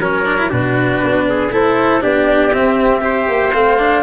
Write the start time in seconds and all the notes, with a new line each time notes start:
0.00 F#3 C#4 A#4 C#5
0.25 D4
0.37 E4
0.49 B2 D4 F#4 B4
1.03 B3
1.29 G#4
1.50 A3 E4 A4 C5
2.01 B3 D4 G4 D5
2.52 C4 E5
3.01 G4 C5
3.28 A#3
3.52 A3 C4 F5
3.78 D4